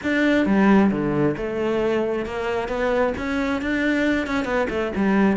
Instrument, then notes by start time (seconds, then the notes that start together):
cello
0.03 D4
0.46 G3
0.91 D3
1.37 A3
2.25 A#3
2.68 B3
3.17 C#4
3.61 D4
4.26 C#4
4.45 B3
4.69 A3
4.95 G3